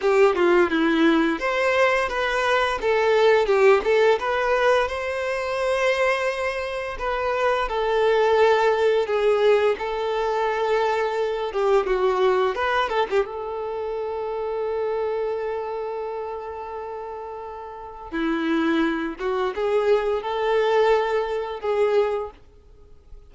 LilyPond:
\new Staff \with { instrumentName = "violin" } { \time 4/4 \tempo 4 = 86 g'8 f'8 e'4 c''4 b'4 | a'4 g'8 a'8 b'4 c''4~ | c''2 b'4 a'4~ | a'4 gis'4 a'2~ |
a'8 g'8 fis'4 b'8 a'16 g'16 a'4~ | a'1~ | a'2 e'4. fis'8 | gis'4 a'2 gis'4 | }